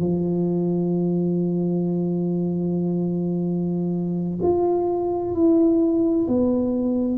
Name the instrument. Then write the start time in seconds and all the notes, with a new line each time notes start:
tuba
0.00 F3
4.42 F4
5.35 E4
6.28 B3